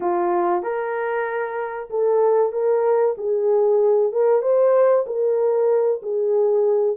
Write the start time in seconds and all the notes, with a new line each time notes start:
0.00 F4
0.62 A#4
1.90 A4
2.52 A#4
3.18 G#4
4.12 A#4
4.42 C5
5.06 A#4
6.02 G#4